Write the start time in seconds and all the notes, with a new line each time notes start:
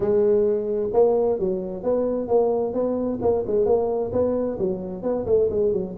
0.00 G#3
0.93 A#3
1.39 F#3
1.83 B3
2.28 A#3
2.73 B3
3.21 A#3
3.47 G#3
3.65 A#3
4.12 B3
4.58 F#3
5.03 B3
5.26 A3
5.50 G#3
5.73 F#3